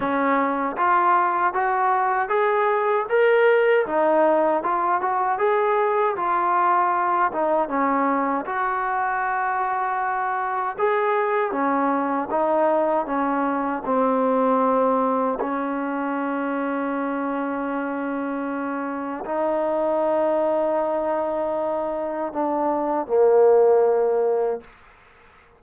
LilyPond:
\new Staff \with { instrumentName = "trombone" } { \time 4/4 \tempo 4 = 78 cis'4 f'4 fis'4 gis'4 | ais'4 dis'4 f'8 fis'8 gis'4 | f'4. dis'8 cis'4 fis'4~ | fis'2 gis'4 cis'4 |
dis'4 cis'4 c'2 | cis'1~ | cis'4 dis'2.~ | dis'4 d'4 ais2 | }